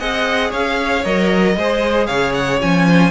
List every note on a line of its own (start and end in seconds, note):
0.00 0.53 C4
0.00 1.04 G#4
0.00 0.50 D#5
0.00 0.52 F#5
0.50 1.06 C#4
0.50 1.54 C#5
0.50 1.05 F5
1.05 1.57 F#3
1.05 1.58 A#4
1.05 2.07 D#5
1.57 2.09 G#3
1.57 2.61 G#4
1.57 2.07 C5
2.07 2.62 C#3
2.07 2.86 C#5
2.07 2.33 F5
2.34 2.60 F#5
2.61 3.11 F3
2.61 3.11 C#4
2.61 3.11 G#5
2.88 3.11 C5